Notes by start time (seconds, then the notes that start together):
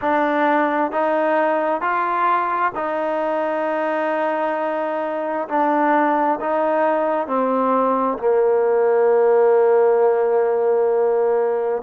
0.01 D4
0.91 D#4
1.81 F4
2.75 D#4
5.48 D4
6.40 D#4
7.27 C4
8.18 A#3